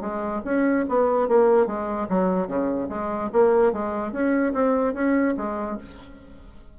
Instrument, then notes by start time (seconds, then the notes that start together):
bassoon
0.00 G#3
0.44 C#4
0.88 B3
1.28 A#3
1.66 G#3
2.09 F#3
2.47 C#3
2.89 G#3
3.32 A#3
3.72 G#3
4.12 C#4
4.53 C4
4.94 C#4
5.37 G#3